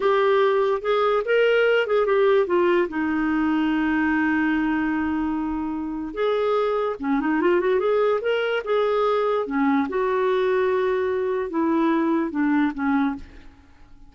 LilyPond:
\new Staff \with { instrumentName = "clarinet" } { \time 4/4 \tempo 4 = 146 g'2 gis'4 ais'4~ | ais'8 gis'8 g'4 f'4 dis'4~ | dis'1~ | dis'2. gis'4~ |
gis'4 cis'8 dis'8 f'8 fis'8 gis'4 | ais'4 gis'2 cis'4 | fis'1 | e'2 d'4 cis'4 | }